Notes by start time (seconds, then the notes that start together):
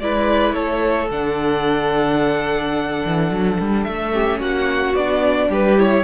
0.00 G#3 E4 B4 D5
0.54 A3 A4 C#5
1.11 D3 D4 F#5
3.05 E3
3.31 F#3
3.60 G3
3.84 A3 E5
4.13 C#4 G4
4.40 A#3 F#4 F#5
4.95 B3 D4 D5
5.49 G3 G4 B4
5.77 E4 C#5